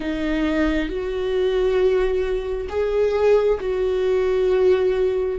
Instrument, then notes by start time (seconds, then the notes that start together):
viola
0.00 D#4
0.88 F#4
2.69 G#4
3.59 F#4